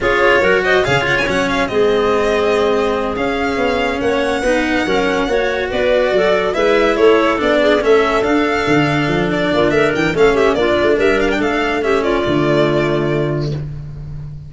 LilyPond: <<
  \new Staff \with { instrumentName = "violin" } { \time 4/4 \tempo 4 = 142 cis''4. dis''8 f''8 fis''16 gis''16 fis''8 f''8 | dis''2.~ dis''8 f''8~ | f''4. fis''2~ fis''8~ | fis''4. d''2 e''8~ |
e''8 cis''4 d''4 e''4 f''8~ | f''2 d''4 e''8 g''8 | f''8 e''8 d''4 e''8 f''16 g''16 f''4 | e''8 d''2.~ d''8 | }
  \new Staff \with { instrumentName = "clarinet" } { \time 4/4 gis'4 ais'8 c''8 cis''2 | gis'1~ | gis'4. cis''4 b'4 ais'8~ | ais'8 cis''4 b'4 a'4 b'8~ |
b'8 a'4. gis'8 a'4.~ | a'2~ a'8 f'8 ais'4 | a'8 g'8 f'4 ais'4 a'4 | g'8 f'2.~ f'8 | }
  \new Staff \with { instrumentName = "cello" } { \time 4/4 f'4 fis'4 gis'8 f'8 cis'4 | c'2.~ c'8 cis'8~ | cis'2~ cis'8 dis'4 cis'8~ | cis'8 fis'2. e'8~ |
e'4. d'4 cis'4 d'8~ | d'1 | cis'4 d'2. | cis'4 a2. | }
  \new Staff \with { instrumentName = "tuba" } { \time 4/4 cis'4 fis4 cis4 fis4 | gis2.~ gis8 cis'8~ | cis'8 b4 ais4 b4 fis8~ | fis8 ais4 b4 fis4 gis8~ |
gis8 a4 b4 a4 d'8~ | d'8 d4 f4 ais8 a8 e8 | a4 ais8 a8 g4 a4~ | a4 d2. | }
>>